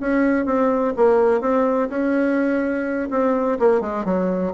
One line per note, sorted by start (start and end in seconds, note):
0.00 0.45 C#4
0.45 0.93 C4
0.96 1.41 A#3
1.41 1.89 C4
1.89 3.09 C#4
3.10 3.58 C4
3.59 3.81 A#3
3.81 4.05 G#3
4.05 4.53 F#3